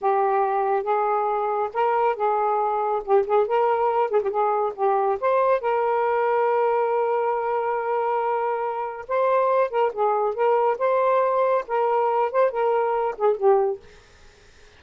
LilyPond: \new Staff \with { instrumentName = "saxophone" } { \time 4/4 \tempo 4 = 139 g'2 gis'2 | ais'4 gis'2 g'8 gis'8 | ais'4. gis'16 g'16 gis'4 g'4 | c''4 ais'2.~ |
ais'1~ | ais'4 c''4. ais'8 gis'4 | ais'4 c''2 ais'4~ | ais'8 c''8 ais'4. gis'8 g'4 | }